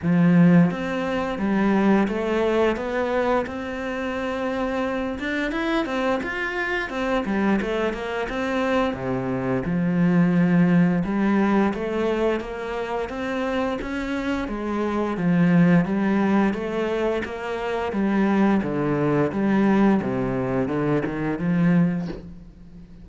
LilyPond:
\new Staff \with { instrumentName = "cello" } { \time 4/4 \tempo 4 = 87 f4 c'4 g4 a4 | b4 c'2~ c'8 d'8 | e'8 c'8 f'4 c'8 g8 a8 ais8 | c'4 c4 f2 |
g4 a4 ais4 c'4 | cis'4 gis4 f4 g4 | a4 ais4 g4 d4 | g4 c4 d8 dis8 f4 | }